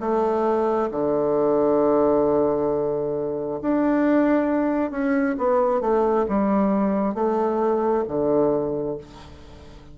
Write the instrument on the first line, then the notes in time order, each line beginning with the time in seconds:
bassoon
0.00 A3
0.92 D3
3.62 D4
4.91 C#4
5.38 B3
5.81 A3
6.28 G3
7.15 A3
8.08 D3